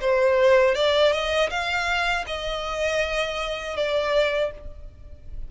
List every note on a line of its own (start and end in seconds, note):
0.00 0.74 C5
0.74 1.12 D5
1.12 1.49 D#5
1.50 2.25 F5
2.27 3.76 D#5
3.76 4.51 D5